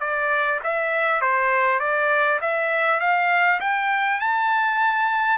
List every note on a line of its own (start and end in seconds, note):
0.00 0.60 D5
0.64 1.21 E5
1.21 1.80 C5
1.80 2.40 D5
2.41 3.00 E5
3.00 3.60 F5
3.61 4.20 G5
4.20 5.38 A5